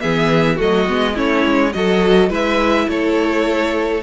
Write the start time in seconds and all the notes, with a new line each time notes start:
0.00 E3 B3 G#4 E5
0.56 F#3 A3 F#4 D#5
0.88 G#3 B3
1.14 A3 C#4 E4 C#5
1.46 G#3
1.72 F#3 F#4 A4 D#5
2.29 G#3 E4 B4 E5
2.88 A3 A4 C#5